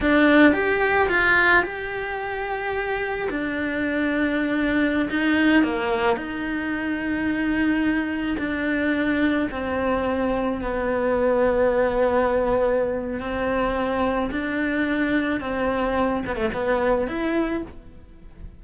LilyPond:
\new Staff \with { instrumentName = "cello" } { \time 4/4 \tempo 4 = 109 d'4 g'4 f'4 g'4~ | g'2 d'2~ | d'4~ d'16 dis'4 ais4 dis'8.~ | dis'2.~ dis'16 d'8.~ |
d'4~ d'16 c'2 b8.~ | b1 | c'2 d'2 | c'4. b16 a16 b4 e'4 | }